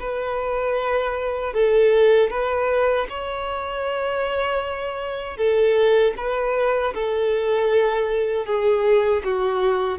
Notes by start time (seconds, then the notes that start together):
0.00 B4
1.53 A4
2.30 B4
3.09 C#5
5.37 A4
6.17 B4
6.94 A4
8.46 G#4
9.25 F#4